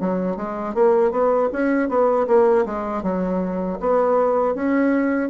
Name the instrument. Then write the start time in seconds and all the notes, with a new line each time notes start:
bassoon
0.00 F#3
0.36 G#3
0.75 A#3
1.12 B3
1.52 C#4
1.89 B3
2.27 A#3
2.65 G#3
3.03 F#3
3.80 B3
4.55 C#4